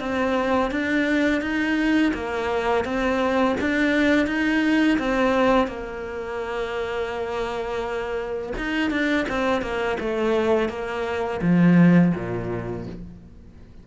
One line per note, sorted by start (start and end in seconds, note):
0.00 0.71 C4
0.71 1.41 D4
1.41 2.13 D#4
2.14 2.84 A#3
2.84 3.56 C4
3.60 4.27 D4
4.27 4.98 D#4
4.98 5.67 C4
5.67 8.53 A#3
8.57 8.91 D#4
8.91 9.26 D4
9.29 9.62 C4
9.62 9.97 A#3
10.00 10.69 A3
10.69 11.40 A#3
11.42 12.13 F3
12.15 12.87 A#2